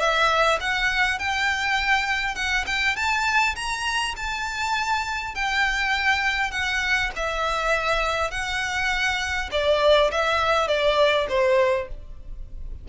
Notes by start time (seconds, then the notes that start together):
0.00 E5
0.61 F#5
1.19 G5
2.35 F#5
2.67 G5
2.96 A5
3.56 A#5
4.17 A5
5.35 G5
6.52 F#5
7.16 E5
8.31 F#5
9.52 D5
10.12 E5
10.68 D5
11.29 C5